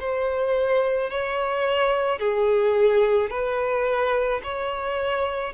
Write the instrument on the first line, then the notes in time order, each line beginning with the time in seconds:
violin
0.00 C5
1.10 C#5
2.19 G#4
3.30 B4
4.43 C#5